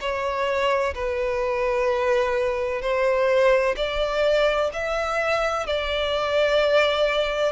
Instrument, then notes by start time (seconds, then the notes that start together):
violin
0.00 C#5
0.95 B4
2.81 C5
3.76 D5
4.73 E5
5.66 D5